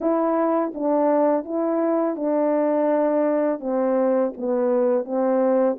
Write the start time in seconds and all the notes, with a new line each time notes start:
0.00 E4
0.74 D4
1.45 E4
2.16 D4
3.60 C4
4.37 B3
5.04 C4